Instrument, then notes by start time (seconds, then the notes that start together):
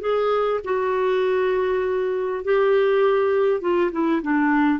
clarinet
0.00 G#4
0.64 F#4
2.44 G4
3.61 F4
3.92 E4
4.22 D4